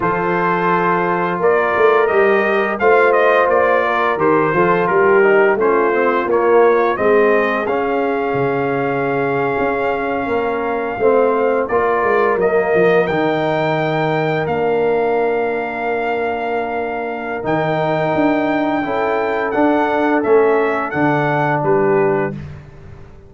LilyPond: <<
  \new Staff \with { instrumentName = "trumpet" } { \time 4/4 \tempo 4 = 86 c''2 d''4 dis''4 | f''8 dis''8 d''4 c''4 ais'4 | c''4 cis''4 dis''4 f''4~ | f''1~ |
f''8. d''4 dis''4 g''4~ g''16~ | g''8. f''2.~ f''16~ | f''4 g''2. | fis''4 e''4 fis''4 b'4 | }
  \new Staff \with { instrumentName = "horn" } { \time 4/4 a'2 ais'2 | c''4. ais'4 a'8 g'4 | f'2 gis'2~ | gis'2~ gis'8. ais'4 c''16~ |
c''8. ais'2.~ ais'16~ | ais'1~ | ais'2. a'4~ | a'2. g'4 | }
  \new Staff \with { instrumentName = "trombone" } { \time 4/4 f'2. g'4 | f'2 g'8 f'4 dis'8 | cis'8 c'8 ais4 c'4 cis'4~ | cis'2.~ cis'8. c'16~ |
c'8. f'4 ais4 dis'4~ dis'16~ | dis'8. d'2.~ d'16~ | d'4 dis'2 e'4 | d'4 cis'4 d'2 | }
  \new Staff \with { instrumentName = "tuba" } { \time 4/4 f2 ais8 a8 g4 | a4 ais4 dis8 f8 g4 | a4 ais4 gis4 cis'4 | cis4.~ cis16 cis'4 ais4 a16~ |
a8. ais8 gis8 fis8 f8 dis4~ dis16~ | dis8. ais2.~ ais16~ | ais4 dis4 d'4 cis'4 | d'4 a4 d4 g4 | }
>>